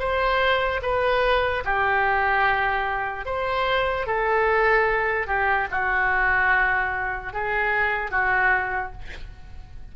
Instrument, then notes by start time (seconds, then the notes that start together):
oboe
0.00 C5
0.83 B4
1.65 G4
3.26 C5
4.07 A4
5.27 G4
5.71 F#4
7.34 G#4
8.12 F#4